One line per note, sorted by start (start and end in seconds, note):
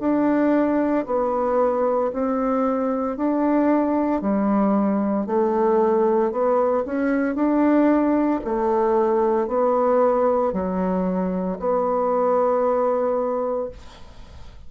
0.00 1.05 D4
1.06 2.11 B3
2.13 3.17 C4
3.17 4.22 D4
4.22 5.27 G3
5.27 6.32 A3
6.32 6.84 B3
6.86 7.35 C#4
7.35 8.40 D4
8.44 9.48 A3
9.48 10.53 B3
10.53 11.58 F#3
11.59 13.70 B3